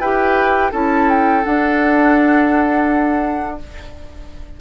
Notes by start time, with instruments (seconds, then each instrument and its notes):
0.00 bassoon E4, clarinet G4, oboe B4, flute G5
0.72 bassoon C#4, clarinet E4, oboe A4, flute A5
1.09 flute G5
1.44 clarinet D4, bassoon D4, flute F#5